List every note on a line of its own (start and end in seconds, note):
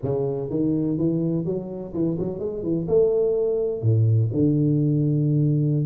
0.02 0.50 C#3
0.50 0.98 D#3
0.98 1.45 E3
1.45 1.93 F#3
1.93 2.17 E3
2.19 2.39 F#3
2.39 2.63 G#3
2.63 2.87 E3
2.88 3.82 A3
3.82 4.30 A2
4.33 5.86 D3